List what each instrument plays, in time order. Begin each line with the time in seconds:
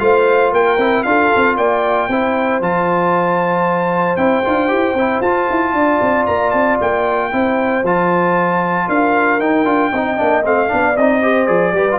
0.00 tuba A3, trombone F4, horn C5, trumpet F5
0.52 tuba A#3, horn A#4, trumpet G5
0.78 tuba C4, trombone E4
1.03 tuba D4, trombone F4, horn A4, trumpet F5
1.36 tuba C4
1.57 tuba A#3, horn D5, trumpet G5
2.09 tuba C4, trombone E4, horn C5
2.61 tuba F3, trombone F4, trumpet A5
4.17 tuba C4, trombone E4, trumpet G5
4.44 tuba D4, trombone F4
4.69 tuba E4, trombone G4
4.94 tuba C4, trombone E4
5.21 tuba F4, trombone F4, trumpet A5
5.51 tuba E4
5.74 tuba D4, horn D5
6.02 tuba C4
6.27 tuba A#3, trumpet A#5
6.51 tuba C4, trumpet A5
6.81 tuba A#3, trumpet G5
7.32 tuba C4, trombone E4, horn C5
7.83 tuba F3, trombone F4, trumpet A5
8.88 tuba D4, horn A#4, trumpet F5
9.40 tuba D#4, trombone D#4, trumpet G5
9.65 tuba D4, trombone F4
9.92 tuba C4, trombone D#4, horn D#5
10.17 tuba A#3, trombone D4
10.45 tuba A3, trombone C4, trumpet F5
10.68 tuba B3, trombone D4, horn D5
10.97 tuba C4, trombone D#4, trumpet D#5
11.23 trombone G4, horn C5
11.47 tuba F3, trombone G#4, trumpet D5
11.73 tuba G3, trombone G4, horn B4
11.92 trombone F4